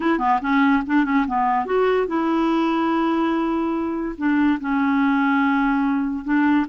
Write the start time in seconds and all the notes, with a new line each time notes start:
0.00 E4
0.19 B3
0.41 C#4
0.86 D4
1.05 C#4
1.27 B3
1.65 F#4
2.07 E4
4.17 D4
4.60 C#4
6.24 D4